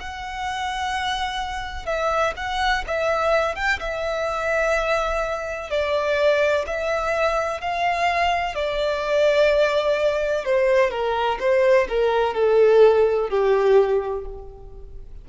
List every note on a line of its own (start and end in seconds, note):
0.00 1.86 F#5
1.86 2.34 E5
2.37 2.84 F#5
2.87 3.56 E5
3.56 3.80 G5
3.80 5.70 E5
5.70 6.65 D5
6.67 7.61 E5
7.61 8.55 F5
8.55 10.45 D5
10.45 10.91 C5
10.91 11.39 A#4
11.40 11.87 C5
11.89 12.35 A#4
12.35 13.30 A4
13.30 14.25 G4